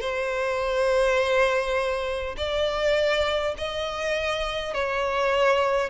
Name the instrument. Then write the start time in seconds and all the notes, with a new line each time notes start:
violin
0.00 C5
2.37 D5
3.57 D#5
4.73 C#5